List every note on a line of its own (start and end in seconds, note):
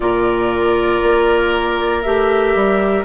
0.00 1.02 A#2
0.00 2.03 F4
0.00 3.04 A#4
0.00 2.02 D5
1.02 2.04 A#3
2.02 2.55 A3
2.02 3.04 G4
2.02 3.04 E5
2.55 3.04 G3